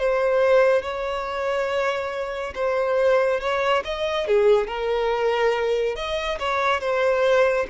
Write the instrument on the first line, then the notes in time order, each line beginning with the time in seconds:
violin
0.00 C5
0.83 C#5
2.55 C5
3.41 C#5
3.85 D#5
4.28 G#4
4.68 A#4
5.96 D#5
6.40 C#5
6.81 C5